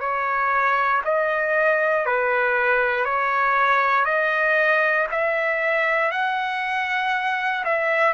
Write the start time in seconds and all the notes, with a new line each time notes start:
0.00 C#5
1.04 D#5
2.05 B4
3.05 C#5
4.04 D#5
5.11 E5
6.11 F#5
7.64 E5